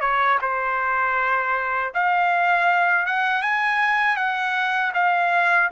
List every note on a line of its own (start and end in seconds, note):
0.00 0.38 C#5
0.41 1.93 C5
1.94 3.06 F5
3.06 3.42 F#5
3.42 4.16 G#5
4.16 4.92 F#5
4.93 5.69 F5